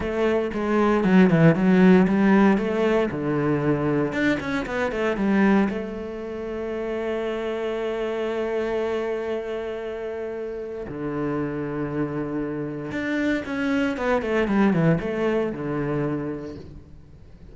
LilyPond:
\new Staff \with { instrumentName = "cello" } { \time 4/4 \tempo 4 = 116 a4 gis4 fis8 e8 fis4 | g4 a4 d2 | d'8 cis'8 b8 a8 g4 a4~ | a1~ |
a1~ | a4 d2.~ | d4 d'4 cis'4 b8 a8 | g8 e8 a4 d2 | }